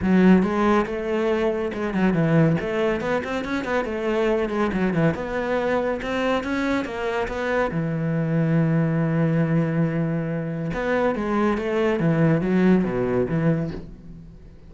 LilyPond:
\new Staff \with { instrumentName = "cello" } { \time 4/4 \tempo 4 = 140 fis4 gis4 a2 | gis8 fis8 e4 a4 b8 c'8 | cis'8 b8 a4. gis8 fis8 e8 | b2 c'4 cis'4 |
ais4 b4 e2~ | e1~ | e4 b4 gis4 a4 | e4 fis4 b,4 e4 | }